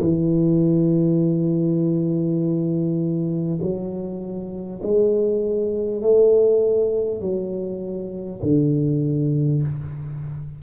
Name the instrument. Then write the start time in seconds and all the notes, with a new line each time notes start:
tuba
0.00 E3
3.62 F#3
4.83 G#3
6.02 A3
7.21 F#3
8.43 D3